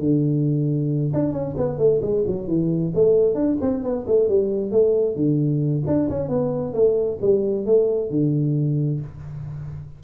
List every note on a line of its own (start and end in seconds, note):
0.00 1.13 D3
1.14 1.33 D4
1.33 1.56 C#4
1.57 1.79 B3
1.79 2.01 A3
2.02 2.25 G#3
2.27 2.48 F#3
2.48 2.93 E3
2.95 3.35 A3
3.35 3.57 D4
3.62 3.84 C4
3.84 4.06 B3
4.07 4.29 A3
4.29 4.72 G3
4.72 5.16 A3
5.16 5.84 D3
5.87 6.09 D4
6.10 6.29 C#4
6.29 6.74 B3
6.74 7.19 A3
7.22 7.66 G3
7.66 8.11 A3
8.11 9.01 D3